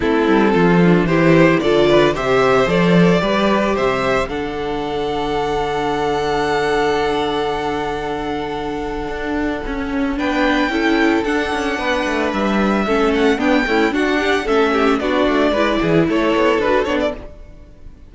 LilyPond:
<<
  \new Staff \with { instrumentName = "violin" } { \time 4/4 \tempo 4 = 112 a'2 c''4 d''4 | e''4 d''2 e''4 | fis''1~ | fis''1~ |
fis''2. g''4~ | g''4 fis''2 e''4~ | e''8 fis''8 g''4 fis''4 e''4 | d''2 cis''4 b'8 cis''16 d''16 | }
  \new Staff \with { instrumentName = "violin" } { \time 4/4 e'4 f'4 g'4 a'8 b'8 | c''2 b'4 c''4 | a'1~ | a'1~ |
a'2. b'4 | a'2 b'2 | a'4 d'8 e'8 fis'8 g'8 a'8 g'8 | fis'4 b'8 gis'8 a'2 | }
  \new Staff \with { instrumentName = "viola" } { \time 4/4 c'4. d'8 e'4 f'4 | g'4 a'4 g'2 | d'1~ | d'1~ |
d'2 cis'4 d'4 | e'4 d'2. | cis'4 b8 a8 d'4 cis'4 | d'4 e'2 fis'8 d'8 | }
  \new Staff \with { instrumentName = "cello" } { \time 4/4 a8 g8 f4 e4 d4 | c4 f4 g4 c4 | d1~ | d1~ |
d4 d'4 cis'4 b4 | cis'4 d'8 cis'8 b8 a8 g4 | a4 b8 cis'8 d'4 a4 | b8 a8 gis8 e8 a8 b8 d'8 b8 | }
>>